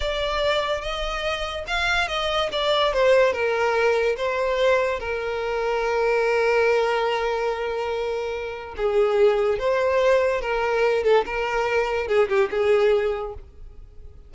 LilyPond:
\new Staff \with { instrumentName = "violin" } { \time 4/4 \tempo 4 = 144 d''2 dis''2 | f''4 dis''4 d''4 c''4 | ais'2 c''2 | ais'1~ |
ais'1~ | ais'4 gis'2 c''4~ | c''4 ais'4. a'8 ais'4~ | ais'4 gis'8 g'8 gis'2 | }